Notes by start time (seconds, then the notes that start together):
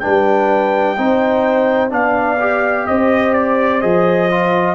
0.00 G3 D4 B4 G5
0.98 C4 D#4 C5
1.90 B3 D4 D5 F5
2.40 G4
2.87 C4 C5 D#5
3.34 D5
3.81 F3 G#4 D#5
4.31 F4